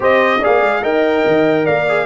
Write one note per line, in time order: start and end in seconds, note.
0.00 0.40 C4
0.00 0.39 G4
0.00 0.39 C5
0.00 0.44 D#5
0.39 0.82 G#4
0.39 0.81 D5
0.39 0.83 F5
0.46 0.61 A#3
0.61 0.82 G#3
0.82 1.24 D#4
0.82 1.85 A#4
0.82 1.64 D#5
0.82 1.66 G5
1.26 1.67 D#3
1.64 2.05 A#3
1.64 2.05 D5
1.64 2.05 F5
1.88 2.05 G#4